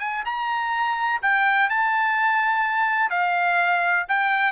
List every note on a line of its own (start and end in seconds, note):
0.00 0.24 G#5
0.25 1.21 A#5
1.22 1.70 G5
1.70 3.10 A5
3.10 4.06 F5
4.09 4.53 G5